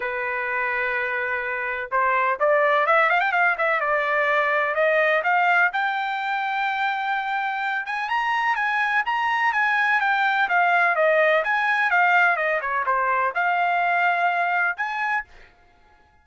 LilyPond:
\new Staff \with { instrumentName = "trumpet" } { \time 4/4 \tempo 4 = 126 b'1 | c''4 d''4 e''8 f''16 g''16 f''8 e''8 | d''2 dis''4 f''4 | g''1~ |
g''8 gis''8 ais''4 gis''4 ais''4 | gis''4 g''4 f''4 dis''4 | gis''4 f''4 dis''8 cis''8 c''4 | f''2. gis''4 | }